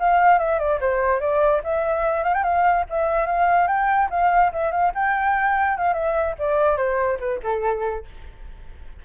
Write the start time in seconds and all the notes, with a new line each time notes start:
0.00 F5
0.39 E5
0.59 D5
0.81 C5
1.20 D5
1.64 E5
2.24 F5
2.34 G5
2.44 F5
2.90 E5
3.27 F5
3.68 G5
4.11 F5
4.53 E5
4.72 F5
4.95 G5
5.78 F5
5.94 E5
6.39 D5
6.77 C5
7.20 B4
7.43 A4